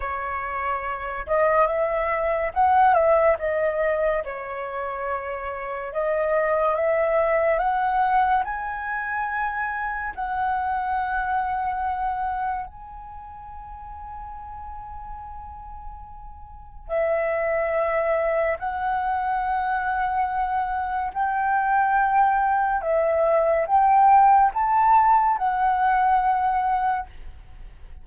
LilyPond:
\new Staff \with { instrumentName = "flute" } { \time 4/4 \tempo 4 = 71 cis''4. dis''8 e''4 fis''8 e''8 | dis''4 cis''2 dis''4 | e''4 fis''4 gis''2 | fis''2. gis''4~ |
gis''1 | e''2 fis''2~ | fis''4 g''2 e''4 | g''4 a''4 fis''2 | }